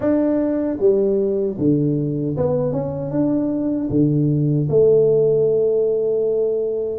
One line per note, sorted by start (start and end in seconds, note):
0.00 0.77 D4
0.79 1.57 G3
1.58 2.36 D3
2.36 2.72 B3
2.72 3.10 C#4
3.10 3.88 D4
3.90 4.68 D3
4.69 6.99 A3